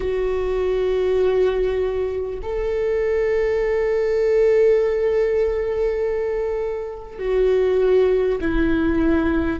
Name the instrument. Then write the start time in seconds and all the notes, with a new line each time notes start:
viola
0.00 F#4
2.42 A4
7.18 F#4
8.40 E4